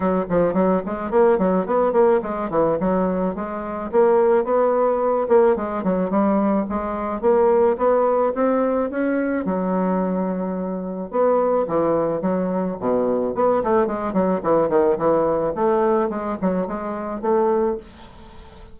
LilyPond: \new Staff \with { instrumentName = "bassoon" } { \time 4/4 \tempo 4 = 108 fis8 f8 fis8 gis8 ais8 fis8 b8 ais8 | gis8 e8 fis4 gis4 ais4 | b4. ais8 gis8 fis8 g4 | gis4 ais4 b4 c'4 |
cis'4 fis2. | b4 e4 fis4 b,4 | b8 a8 gis8 fis8 e8 dis8 e4 | a4 gis8 fis8 gis4 a4 | }